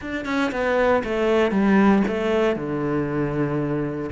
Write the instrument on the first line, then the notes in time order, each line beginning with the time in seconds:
cello
0.01 D4
0.25 C#4
0.51 B3
1.04 A3
1.51 G3
2.07 A3
2.55 D3